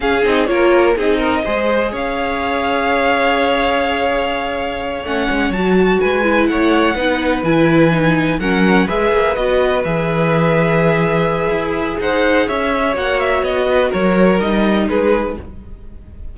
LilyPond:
<<
  \new Staff \with { instrumentName = "violin" } { \time 4/4 \tempo 4 = 125 f''8 dis''8 cis''4 dis''2 | f''1~ | f''2~ f''8 fis''4 a''8~ | a''8 gis''4 fis''2 gis''8~ |
gis''4. fis''4 e''4 dis''8~ | dis''8 e''2.~ e''8~ | e''4 fis''4 e''4 fis''8 e''8 | dis''4 cis''4 dis''4 b'4 | }
  \new Staff \with { instrumentName = "violin" } { \time 4/4 gis'4 ais'4 gis'8 ais'8 c''4 | cis''1~ | cis''1~ | cis''8 b'4 cis''4 b'4.~ |
b'4. ais'4 b'4.~ | b'1~ | b'4 c''4 cis''2~ | cis''8 b'8 ais'2 gis'4 | }
  \new Staff \with { instrumentName = "viola" } { \time 4/4 cis'8 dis'8 f'4 dis'4 gis'4~ | gis'1~ | gis'2~ gis'8 cis'4 fis'8~ | fis'4 e'4. dis'4 e'8~ |
e'8 dis'4 cis'4 gis'4 fis'8~ | fis'8 gis'2.~ gis'8~ | gis'2. fis'4~ | fis'2 dis'2 | }
  \new Staff \with { instrumentName = "cello" } { \time 4/4 cis'8 c'8 ais4 c'4 gis4 | cis'1~ | cis'2~ cis'8 a8 gis8 fis8~ | fis8 gis4 a4 b4 e8~ |
e4. fis4 gis8 ais8 b8~ | b8 e2.~ e8 | e'4 dis'4 cis'4 ais4 | b4 fis4 g4 gis4 | }
>>